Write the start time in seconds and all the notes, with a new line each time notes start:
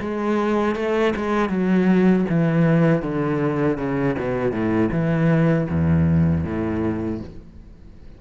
0.00 G#3
0.75 A3
1.16 G#3
1.49 F#3
2.29 E3
3.02 D3
3.77 C#3
4.18 B2
4.52 A2
4.91 E3
5.70 E2
6.44 A2